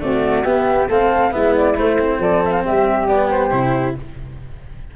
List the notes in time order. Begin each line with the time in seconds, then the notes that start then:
0.00 A3 C4 F#4 D5
0.44 B3 G4 E5
0.88 A3 C4 A4 F5
1.31 G#3 B3 E4 E5
1.55 D5
1.75 A3 C5
1.99 C4
2.18 F3 A4 D5
2.45 E5
2.51 F5
2.64 G3 G4 E5
3.07 B3 D5
3.30 C5
3.50 C3 E4